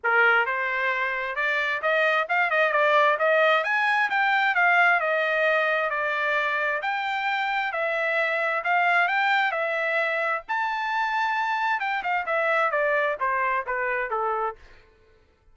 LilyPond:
\new Staff \with { instrumentName = "trumpet" } { \time 4/4 \tempo 4 = 132 ais'4 c''2 d''4 | dis''4 f''8 dis''8 d''4 dis''4 | gis''4 g''4 f''4 dis''4~ | dis''4 d''2 g''4~ |
g''4 e''2 f''4 | g''4 e''2 a''4~ | a''2 g''8 f''8 e''4 | d''4 c''4 b'4 a'4 | }